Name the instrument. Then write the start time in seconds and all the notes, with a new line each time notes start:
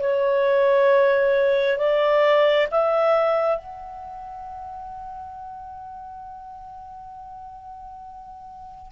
clarinet
0.00 C#5
1.78 D5
2.71 E5
3.58 F#5